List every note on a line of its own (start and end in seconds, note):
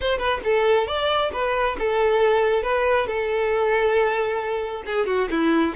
0.00 0.18 C5
0.18 0.40 B4
0.44 0.87 A4
0.87 1.31 D5
1.32 1.76 B4
1.79 2.62 A4
2.62 3.07 B4
3.07 4.83 A4
4.85 5.06 G#4
5.06 5.28 F#4
5.30 5.74 E4